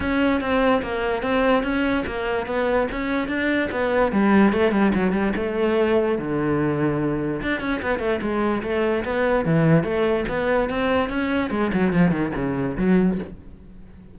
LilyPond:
\new Staff \with { instrumentName = "cello" } { \time 4/4 \tempo 4 = 146 cis'4 c'4 ais4 c'4 | cis'4 ais4 b4 cis'4 | d'4 b4 g4 a8 g8 | fis8 g8 a2 d4~ |
d2 d'8 cis'8 b8 a8 | gis4 a4 b4 e4 | a4 b4 c'4 cis'4 | gis8 fis8 f8 dis8 cis4 fis4 | }